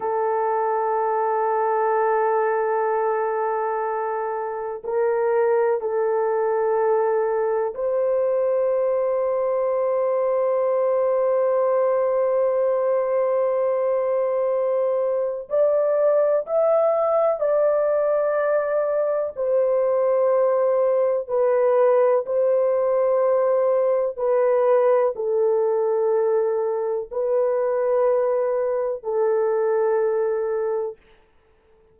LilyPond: \new Staff \with { instrumentName = "horn" } { \time 4/4 \tempo 4 = 62 a'1~ | a'4 ais'4 a'2 | c''1~ | c''1 |
d''4 e''4 d''2 | c''2 b'4 c''4~ | c''4 b'4 a'2 | b'2 a'2 | }